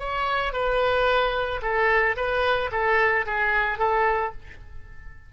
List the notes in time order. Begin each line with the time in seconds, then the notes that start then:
0.00 C#5
0.53 B4
1.62 A4
2.17 B4
2.72 A4
3.27 G#4
3.79 A4